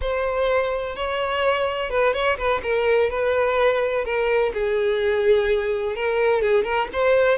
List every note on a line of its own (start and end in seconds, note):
0.01 0.95 C5
0.95 1.90 C#5
1.90 2.13 B4
2.13 2.37 C#5
2.37 2.61 B4
2.62 3.10 A#4
3.10 4.05 B4
4.05 4.52 A#4
4.53 5.95 G#4
5.95 6.41 A#4
6.41 6.64 G#4
6.64 6.87 A#4
6.92 7.38 C5